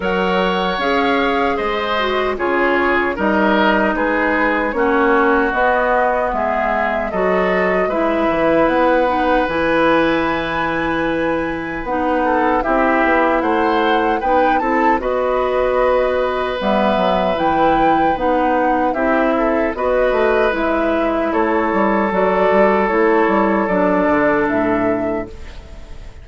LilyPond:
<<
  \new Staff \with { instrumentName = "flute" } { \time 4/4 \tempo 4 = 76 fis''4 f''4 dis''4 cis''4 | dis''4 b'4 cis''4 dis''4 | e''4 dis''4 e''4 fis''4 | gis''2. fis''4 |
e''4 fis''4 g''8 a''8 dis''4~ | dis''4 e''4 g''4 fis''4 | e''4 dis''4 e''4 cis''4 | d''4 cis''4 d''4 e''4 | }
  \new Staff \with { instrumentName = "oboe" } { \time 4/4 cis''2 c''4 gis'4 | ais'4 gis'4 fis'2 | gis'4 a'4 b'2~ | b'2.~ b'8 a'8 |
g'4 c''4 b'8 a'8 b'4~ | b'1 | g'8 a'8 b'2 a'4~ | a'1 | }
  \new Staff \with { instrumentName = "clarinet" } { \time 4/4 ais'4 gis'4. fis'8 f'4 | dis'2 cis'4 b4~ | b4 fis'4 e'4. dis'8 | e'2. dis'4 |
e'2 dis'8 e'8 fis'4~ | fis'4 b4 e'4 dis'4 | e'4 fis'4 e'2 | fis'4 e'4 d'2 | }
  \new Staff \with { instrumentName = "bassoon" } { \time 4/4 fis4 cis'4 gis4 cis4 | g4 gis4 ais4 b4 | gis4 fis4 gis8 e8 b4 | e2. b4 |
c'8 b8 a4 b8 c'8 b4~ | b4 g8 fis8 e4 b4 | c'4 b8 a8 gis4 a8 g8 | fis8 g8 a8 g8 fis8 d8 a,4 | }
>>